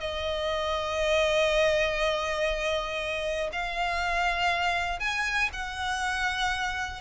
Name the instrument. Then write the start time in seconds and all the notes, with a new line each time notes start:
violin
0.00 D#5
3.52 F5
5.00 G#5
5.53 F#5